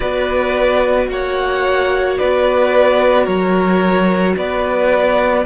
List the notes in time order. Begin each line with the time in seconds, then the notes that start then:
0.00 B3 F#4 B4 D5
1.08 A#3 C#5 F#5
2.17 B3 B4 D5
3.25 F#3 A#4 C#5
4.36 B3 B4 D5